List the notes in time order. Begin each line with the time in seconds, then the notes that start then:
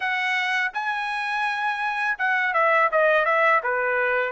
0.00 F#5
0.73 G#5
2.18 F#5
2.53 E5
2.91 D#5
3.25 E5
3.63 B4